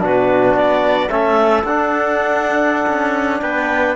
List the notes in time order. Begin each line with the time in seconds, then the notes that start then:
0.00 B2 D4 F#4 B4
0.54 B3 D5
1.10 A3 C#4 A4 E5
1.64 D4 F#5
2.87 C#4
3.41 B3 B4 G5